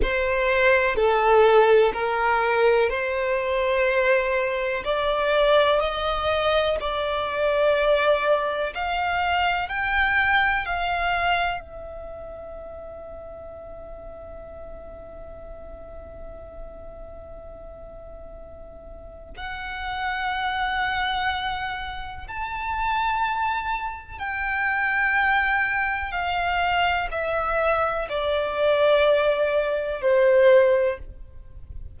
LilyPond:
\new Staff \with { instrumentName = "violin" } { \time 4/4 \tempo 4 = 62 c''4 a'4 ais'4 c''4~ | c''4 d''4 dis''4 d''4~ | d''4 f''4 g''4 f''4 | e''1~ |
e''1 | fis''2. a''4~ | a''4 g''2 f''4 | e''4 d''2 c''4 | }